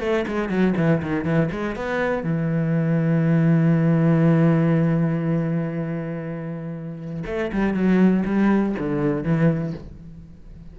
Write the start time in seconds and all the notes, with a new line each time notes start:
0.00 A3
0.27 G#3
0.49 F#3
0.77 E3
1.02 D#3
1.25 E3
1.52 G#3
1.76 B3
2.23 E3
7.26 A3
7.52 G3
7.74 F#3
8.25 G3
8.79 D3
9.23 E3